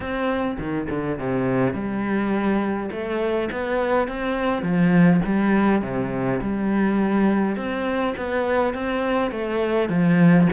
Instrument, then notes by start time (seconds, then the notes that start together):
cello
0.00 C4
0.58 D#3
0.90 D3
1.19 C3
1.73 G3
2.91 A3
3.51 B3
4.08 C4
4.62 F3
5.25 G3
5.82 C3
6.41 G3
7.56 C4
8.16 B3
8.74 C4
9.31 A3
9.89 F3